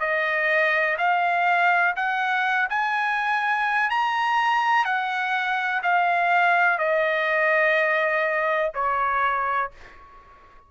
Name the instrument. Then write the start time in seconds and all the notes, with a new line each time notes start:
trumpet
0.00 D#5
0.98 F5
1.96 F#5
2.70 G#5
3.90 A#5
4.85 F#5
5.82 F5
6.78 D#5
8.74 C#5